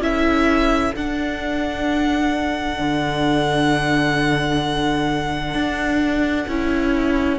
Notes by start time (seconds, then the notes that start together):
0.00 C#4 E4 A4 E5
0.95 D4 F#5
2.79 D3
5.54 D4
6.48 C#4 E4